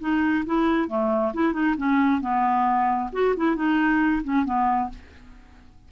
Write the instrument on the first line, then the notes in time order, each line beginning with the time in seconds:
clarinet
0.00 D#4
0.46 E4
0.88 A3
1.34 E4
1.53 D#4
1.77 C#4
2.21 B3
3.13 F#4
3.37 E4
3.56 D#4
4.23 C#4
4.45 B3